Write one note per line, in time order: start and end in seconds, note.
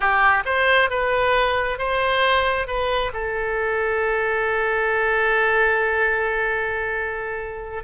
0.00 0.43 G4
0.45 0.90 C5
0.90 1.78 B4
1.78 2.67 C5
2.67 3.12 B4
3.13 7.83 A4